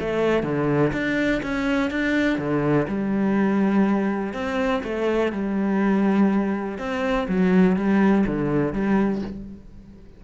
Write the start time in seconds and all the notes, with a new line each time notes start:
0.00 A3
0.43 D3
0.92 D4
1.42 C#4
1.90 D4
2.38 D3
2.87 G3
4.33 C4
4.83 A3
5.32 G3
6.78 C4
7.28 F#3
7.76 G3
8.26 D3
8.73 G3